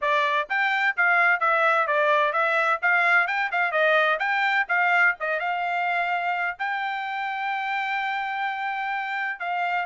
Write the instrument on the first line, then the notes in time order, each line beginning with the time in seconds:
trumpet
0.01 D5
0.49 G5
0.96 F5
1.40 E5
1.87 D5
2.32 E5
2.81 F5
3.27 G5
3.51 F5
3.71 D#5
4.19 G5
4.68 F5
5.19 D#5
5.39 F5
6.58 G5
9.39 F5